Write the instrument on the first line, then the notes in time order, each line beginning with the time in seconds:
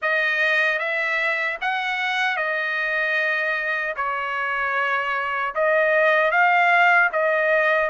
trumpet
0.01 D#5
0.78 E5
1.61 F#5
2.36 D#5
3.96 C#5
5.54 D#5
6.31 F5
7.12 D#5